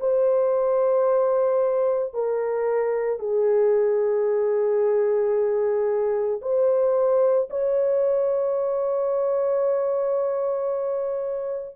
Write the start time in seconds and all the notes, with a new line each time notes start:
0.00 C5
2.13 A#4
3.19 G#4
6.41 C5
7.50 C#5